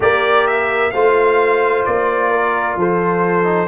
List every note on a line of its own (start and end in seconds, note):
0.00 0.92 A#3
0.00 0.90 G4
0.00 0.93 A#4
0.00 0.47 D5
0.47 0.91 E5
0.91 1.86 A3
0.91 3.44 F4
0.91 2.30 C5
0.91 1.83 F5
1.85 2.76 A#3
1.85 2.77 D5
2.30 2.76 A#4
2.76 3.68 F3
2.76 3.68 A4
2.76 3.68 C5
3.44 3.67 D#4